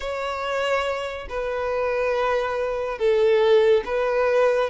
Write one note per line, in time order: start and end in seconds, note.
0.00 1.27 C#5
1.29 2.98 B4
2.98 3.83 A4
3.85 4.70 B4